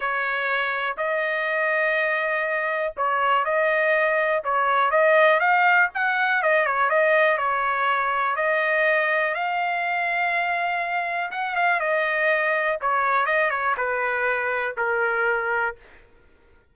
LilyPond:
\new Staff \with { instrumentName = "trumpet" } { \time 4/4 \tempo 4 = 122 cis''2 dis''2~ | dis''2 cis''4 dis''4~ | dis''4 cis''4 dis''4 f''4 | fis''4 dis''8 cis''8 dis''4 cis''4~ |
cis''4 dis''2 f''4~ | f''2. fis''8 f''8 | dis''2 cis''4 dis''8 cis''8 | b'2 ais'2 | }